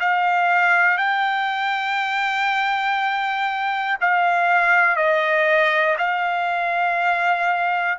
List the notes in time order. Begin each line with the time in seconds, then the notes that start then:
0.00 F5
0.98 G5
4.01 F5
4.96 D#5
5.98 F5